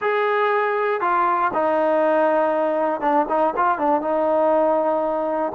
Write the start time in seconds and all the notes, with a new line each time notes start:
0.01 G#4
1.01 F4
1.53 D#4
3.00 D4
3.29 D#4
3.56 F4
3.78 D4
4.01 D#4